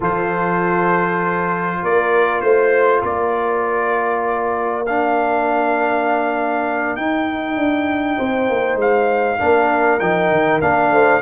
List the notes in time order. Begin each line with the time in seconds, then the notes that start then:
0.00 F3 F4 A4 C5
1.82 A#3 A#4 D5
2.40 A3 C5
3.03 A#3 A#4 D5
4.85 D4 F5
6.96 D#4 G5
7.56 D4
8.16 C4 C5
8.49 A#3
8.75 G#3 F5
9.39 A#3 D4 A#4
9.99 F3 D#4 G5
10.30 D#3
10.61 A#3 D4 F5
10.91 A3 C5